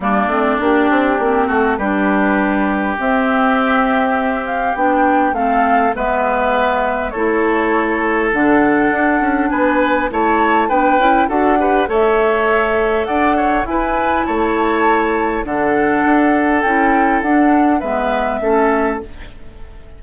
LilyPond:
<<
  \new Staff \with { instrumentName = "flute" } { \time 4/4 \tempo 4 = 101 d''4 g'4. a'8 b'4~ | b'4 e''2~ e''8 f''8 | g''4 f''4 e''2 | cis''2 fis''2 |
gis''4 a''4 g''4 fis''4 | e''2 fis''4 gis''4 | a''2 fis''2 | g''4 fis''4 e''2 | }
  \new Staff \with { instrumentName = "oboe" } { \time 4/4 d'2~ d'8 fis'8 g'4~ | g'1~ | g'4 a'4 b'2 | a'1 |
b'4 cis''4 b'4 a'8 b'8 | cis''2 d''8 cis''8 b'4 | cis''2 a'2~ | a'2 b'4 a'4 | }
  \new Staff \with { instrumentName = "clarinet" } { \time 4/4 ais8 c'8 d'4 c'4 d'4~ | d'4 c'2. | d'4 c'4 b2 | e'2 d'2~ |
d'4 e'4 d'8 e'8 fis'8 g'8 | a'2. e'4~ | e'2 d'2 | e'4 d'4 b4 cis'4 | }
  \new Staff \with { instrumentName = "bassoon" } { \time 4/4 g8 a8 ais8 c'8 ais8 a8 g4~ | g4 c'2. | b4 a4 gis2 | a2 d4 d'8 cis'8 |
b4 a4 b8 cis'8 d'4 | a2 d'4 e'4 | a2 d4 d'4 | cis'4 d'4 gis4 a4 | }
>>